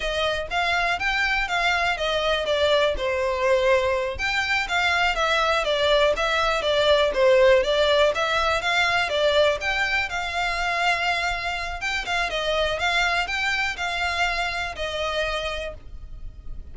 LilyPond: \new Staff \with { instrumentName = "violin" } { \time 4/4 \tempo 4 = 122 dis''4 f''4 g''4 f''4 | dis''4 d''4 c''2~ | c''8 g''4 f''4 e''4 d''8~ | d''8 e''4 d''4 c''4 d''8~ |
d''8 e''4 f''4 d''4 g''8~ | g''8 f''2.~ f''8 | g''8 f''8 dis''4 f''4 g''4 | f''2 dis''2 | }